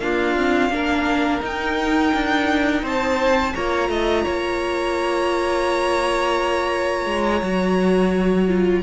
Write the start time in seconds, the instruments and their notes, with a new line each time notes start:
0.00 viola A#3, cello D4, violin F4 F5
0.37 viola C4
0.69 cello A#3, viola D4, violin A#4
1.40 viola D#4, cello D#4, violin G5
2.14 cello D4
2.82 cello C4, violin C5 A5
3.54 cello A#3, viola F4, violin C#5 A#5
3.89 cello A3, violin D#5
4.24 cello A#3, violin C#5
7.06 cello G#3
7.42 cello F#3, viola F#4
8.48 viola F4